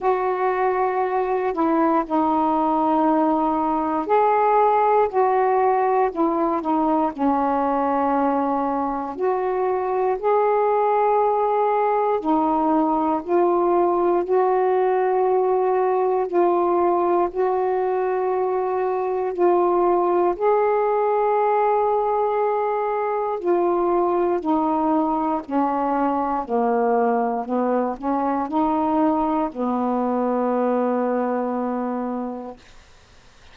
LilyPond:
\new Staff \with { instrumentName = "saxophone" } { \time 4/4 \tempo 4 = 59 fis'4. e'8 dis'2 | gis'4 fis'4 e'8 dis'8 cis'4~ | cis'4 fis'4 gis'2 | dis'4 f'4 fis'2 |
f'4 fis'2 f'4 | gis'2. f'4 | dis'4 cis'4 ais4 b8 cis'8 | dis'4 b2. | }